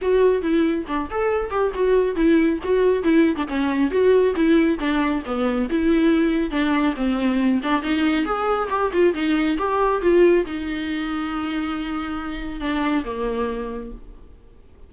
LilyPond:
\new Staff \with { instrumentName = "viola" } { \time 4/4 \tempo 4 = 138 fis'4 e'4 d'8 a'4 g'8 | fis'4 e'4 fis'4 e'8. d'16 | cis'4 fis'4 e'4 d'4 | b4 e'2 d'4 |
c'4. d'8 dis'4 gis'4 | g'8 f'8 dis'4 g'4 f'4 | dis'1~ | dis'4 d'4 ais2 | }